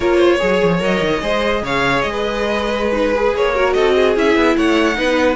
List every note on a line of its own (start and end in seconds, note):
0.00 0.39 A#3
0.00 0.39 F4
0.00 0.17 A#4
0.00 0.80 C#5
0.17 0.37 C5
0.39 0.62 F#3
0.39 0.79 G#4
0.39 1.22 C#5
0.63 0.81 F3
0.79 1.01 F#3
0.79 1.19 A#4
0.79 1.64 D#5
1.01 1.21 D#3
1.22 1.62 G#3
1.22 2.92 G#4
1.22 1.62 C5
1.62 2.02 C#3
1.62 2.11 C#5
1.62 2.01 F5
2.01 3.33 G#3
2.01 2.92 D#5
2.11 3.53 B4
2.92 3.12 D#4
2.92 3.35 B4
3.15 3.55 G#4
3.33 3.74 A#3
3.33 3.73 C#5
3.55 4.16 F#4
3.55 3.74 A#4
3.73 4.16 C4
3.73 3.94 A4
3.73 4.13 D#5
3.95 4.55 G#4
4.16 4.35 C#4
4.16 4.94 E4
4.16 4.56 E5
4.35 4.55 B3
4.56 4.97 A3
4.56 4.97 C#5
4.56 5.36 F#5
4.94 5.36 B3
4.94 5.34 D#4
4.94 5.36 B4